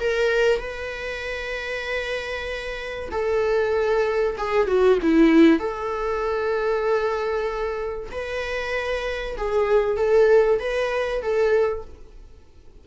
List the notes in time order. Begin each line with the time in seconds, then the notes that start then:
0.00 A#4
0.59 B4
3.12 A4
4.38 G#4
4.67 F#4
5.03 E4
5.60 A4
8.12 B4
9.38 G#4
9.97 A4
10.60 B4
11.22 A4